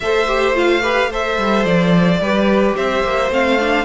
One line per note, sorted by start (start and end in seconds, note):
0.00 1.37 A3
0.00 0.27 A4
0.00 0.82 C5
0.00 0.55 E5
0.27 0.54 G4
0.54 0.81 F4
0.54 1.12 F5
0.82 1.10 G4
0.82 1.09 B4
1.10 2.22 A4
1.10 2.20 C5
1.10 1.65 E5
1.37 1.65 G3
1.65 2.20 F3
1.65 2.75 D5
2.20 2.75 G3
2.20 3.30 G4
2.20 2.76 B4
2.76 3.03 C4
2.76 3.84 C5
2.76 3.31 E5
3.03 3.30 A#3
3.30 3.84 A3
3.30 3.57 C4
3.30 3.84 F5
3.59 3.84 D4